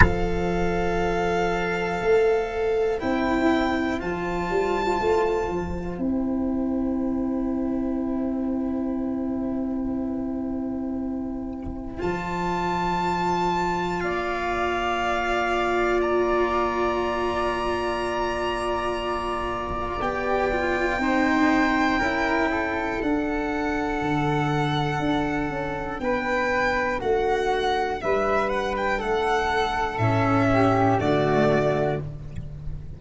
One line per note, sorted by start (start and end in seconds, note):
0.00 2.00 F3
0.00 2.98 A4
0.00 13.98 C5
0.00 2.99 F5
2.00 3.00 A3
2.99 4.01 C4
2.99 3.99 E4
2.99 3.99 G5
3.99 4.49 F3
3.99 5.99 F4
3.99 6.01 A5
4.49 4.99 G3
5.00 5.48 A3
5.48 5.97 F3
5.97 11.97 C4
5.97 11.97 E4
5.97 12.01 G5
11.97 14.01 F3
11.97 19.97 F4
11.97 14.00 A5
14.00 20.00 A#3
14.00 21.01 D5
14.00 16.00 F5
16.01 20.01 A#5
20.00 20.98 B3
20.00 20.51 G4
20.00 23.01 G5
20.51 20.99 F4
20.98 21.98 C4
20.98 21.99 D#4
20.98 21.98 C5
21.98 22.98 C#4
21.98 23.01 E4
21.98 22.48 A#4
22.50 26.00 A4
23.01 24.01 D4
23.01 30.01 D4
23.01 25.99 F#5
24.01 24.99 D3
24.99 25.49 D4
25.49 25.99 C#4
25.99 27.00 B3
25.99 26.98 B4
25.99 26.99 G5
26.98 28.00 A3
26.98 27.98 F#4
26.98 28.01 F#5
28.01 29.02 G3
28.01 28.98 B4
28.01 28.49 E5
28.49 28.74 F#5
28.76 29.00 G5
28.98 29.98 A3
28.98 30.48 A4
28.98 29.98 F#5
29.98 30.98 A2
29.98 30.98 C#4
29.98 30.98 E5
30.52 31.00 G4
30.98 31.99 D3
30.98 31.98 A3
30.98 32.00 F#4
30.98 32.00 D5